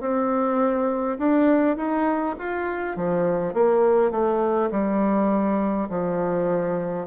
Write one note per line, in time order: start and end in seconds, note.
0.00 1.18 C4
1.18 1.76 D4
1.76 2.35 D#4
2.39 2.96 F4
2.96 3.54 F3
3.54 4.11 A#3
4.11 4.70 A3
4.71 5.89 G3
5.89 7.07 F3